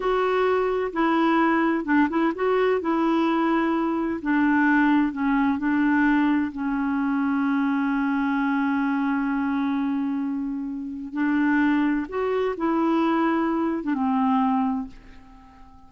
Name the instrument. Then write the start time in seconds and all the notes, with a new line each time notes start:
clarinet
0.00 F#4
0.93 E4
1.85 D4
2.09 E4
2.35 F#4
2.80 E4
4.21 D4
5.12 C#4
5.58 D4
6.51 C#4
11.13 D4
12.08 F#4
12.57 E4
13.83 D4
13.94 C4